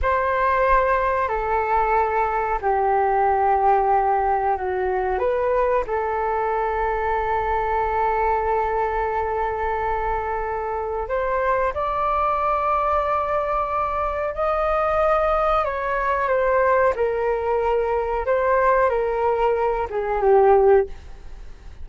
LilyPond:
\new Staff \with { instrumentName = "flute" } { \time 4/4 \tempo 4 = 92 c''2 a'2 | g'2. fis'4 | b'4 a'2.~ | a'1~ |
a'4 c''4 d''2~ | d''2 dis''2 | cis''4 c''4 ais'2 | c''4 ais'4. gis'8 g'4 | }